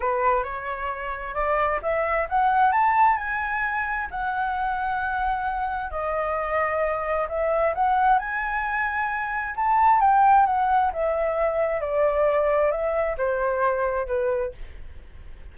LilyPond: \new Staff \with { instrumentName = "flute" } { \time 4/4 \tempo 4 = 132 b'4 cis''2 d''4 | e''4 fis''4 a''4 gis''4~ | gis''4 fis''2.~ | fis''4 dis''2. |
e''4 fis''4 gis''2~ | gis''4 a''4 g''4 fis''4 | e''2 d''2 | e''4 c''2 b'4 | }